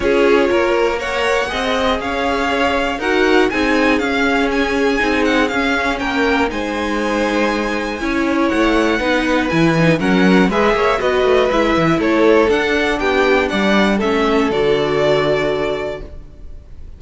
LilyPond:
<<
  \new Staff \with { instrumentName = "violin" } { \time 4/4 \tempo 4 = 120 cis''2 fis''2 | f''2 fis''4 gis''4 | f''4 gis''4. fis''8 f''4 | g''4 gis''2.~ |
gis''4 fis''2 gis''4 | fis''4 e''4 dis''4 e''4 | cis''4 fis''4 g''4 fis''4 | e''4 d''2. | }
  \new Staff \with { instrumentName = "violin" } { \time 4/4 gis'4 ais'4 cis''4 dis''4 | cis''2 ais'4 gis'4~ | gis'1 | ais'4 c''2. |
cis''2 b'2 | ais'4 b'8 cis''8 b'2 | a'2 g'4 d''4 | a'1 | }
  \new Staff \with { instrumentName = "viola" } { \time 4/4 f'2 ais'4 gis'4~ | gis'2 fis'4 dis'4 | cis'2 dis'4 cis'4~ | cis'4 dis'2. |
e'2 dis'4 e'8 dis'8 | cis'4 gis'4 fis'4 e'4~ | e'4 d'2. | cis'4 fis'2. | }
  \new Staff \with { instrumentName = "cello" } { \time 4/4 cis'4 ais2 c'4 | cis'2 dis'4 c'4 | cis'2 c'4 cis'4 | ais4 gis2. |
cis'4 a4 b4 e4 | fis4 gis8 ais8 b8 a8 gis8 e8 | a4 d'4 b4 g4 | a4 d2. | }
>>